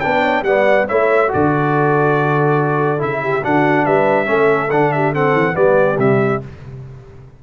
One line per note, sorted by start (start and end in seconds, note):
0.00 0.42 B3
0.00 0.45 D4
0.00 0.21 B4
0.00 0.43 G5
0.21 0.42 C#5
0.42 0.85 G3
0.42 0.88 B3
0.42 0.87 D5
0.42 0.86 F#5
0.87 1.33 A3
0.87 1.28 E4
0.87 1.30 C#5
0.87 1.31 E5
1.28 2.98 F#4
1.28 3.22 A4
1.28 3.01 D5
1.34 3.01 D3
2.98 3.44 C#3
2.98 3.41 E4
2.98 3.44 E5
3.22 3.43 G4
3.43 3.86 D3
3.43 4.25 D4
3.43 3.85 F#4
3.43 3.85 F#5
3.85 4.29 G3
3.85 4.27 B4
3.85 4.70 E5
4.25 4.71 A3
4.25 4.68 C#4
4.25 4.94 A4
4.71 5.32 D3
4.71 5.14 D4
4.71 4.92 F#5
4.92 5.13 G4
4.92 5.13 E5
5.13 5.54 C4
5.13 5.55 A4
5.13 5.56 F#5
5.32 5.54 E3
5.54 5.98 G3
5.54 5.96 B3
5.54 6.43 G4
5.54 5.98 D5
5.98 6.40 C3
5.98 6.41 G3
5.98 6.42 E5